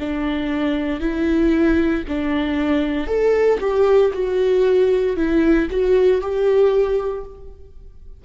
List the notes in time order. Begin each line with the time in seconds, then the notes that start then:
0.00 D4
1.01 E4
2.09 D4
3.08 A4
3.60 G4
4.13 F#4
5.17 E4
5.71 F#4
6.22 G4